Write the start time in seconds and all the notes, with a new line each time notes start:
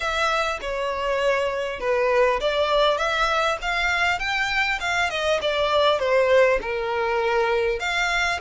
0.00 E5
0.61 C#5
1.79 B4
2.40 D5
2.97 E5
3.61 F5
4.19 G5
4.80 F5
5.09 D#5
5.41 D5
5.99 C5
6.61 A#4
7.79 F5